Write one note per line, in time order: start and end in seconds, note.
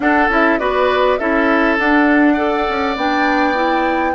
0.00 0.27 D4
0.00 0.29 D4
0.00 0.59 A4
0.00 0.29 F#5
0.28 0.58 C#4
0.28 0.59 E4
0.28 0.58 E5
0.58 1.19 B3
0.58 1.18 F#4
0.58 1.19 B4
0.58 1.17 D5
1.17 1.78 C#4
1.17 1.78 E4
1.17 2.33 A4
1.17 1.76 E5
1.78 2.36 D4
1.78 2.67 D4
1.78 2.97 F#5
2.33 2.96 A4
2.33 4.12 D5
2.68 2.96 C#4
2.96 4.15 B3
2.96 3.54 D4
2.96 4.15 G5
3.54 4.13 E4